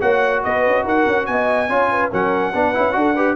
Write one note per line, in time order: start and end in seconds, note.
0.00 0.44 A#3
0.00 1.68 F#4
0.00 0.42 C#5
0.00 0.43 F#5
0.44 0.66 B3
0.44 0.85 B4
0.44 0.85 D#5
0.66 0.84 C#4
0.84 1.05 D#4
0.84 1.27 A#4
0.84 1.26 F#5
1.07 1.27 C#4
1.26 1.69 B3
1.26 1.69 D#5
1.26 2.10 G#5
1.69 2.11 C#4
1.69 2.11 F4
1.69 1.90 C#5
1.91 2.11 B4
2.11 2.54 F#3
2.11 2.53 C#4
2.11 2.53 A#4
2.11 3.36 F#5
2.54 2.75 B3
2.54 2.74 D4
2.54 2.97 B4
2.74 2.95 C#4
2.74 2.92 E4
2.92 3.36 D4
2.92 3.13 F#4
2.92 3.15 A4
3.15 3.36 G4
3.15 3.36 B4